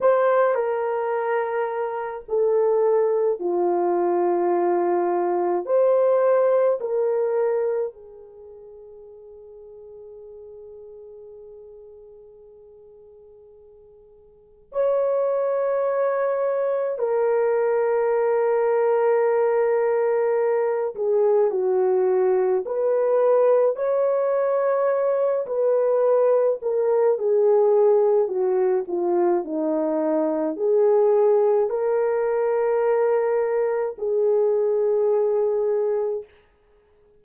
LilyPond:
\new Staff \with { instrumentName = "horn" } { \time 4/4 \tempo 4 = 53 c''8 ais'4. a'4 f'4~ | f'4 c''4 ais'4 gis'4~ | gis'1~ | gis'4 cis''2 ais'4~ |
ais'2~ ais'8 gis'8 fis'4 | b'4 cis''4. b'4 ais'8 | gis'4 fis'8 f'8 dis'4 gis'4 | ais'2 gis'2 | }